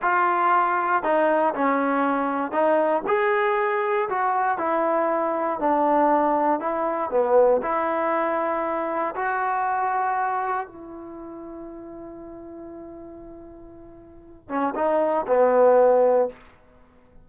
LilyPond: \new Staff \with { instrumentName = "trombone" } { \time 4/4 \tempo 4 = 118 f'2 dis'4 cis'4~ | cis'4 dis'4 gis'2 | fis'4 e'2 d'4~ | d'4 e'4 b4 e'4~ |
e'2 fis'2~ | fis'4 e'2.~ | e'1~ | e'8 cis'8 dis'4 b2 | }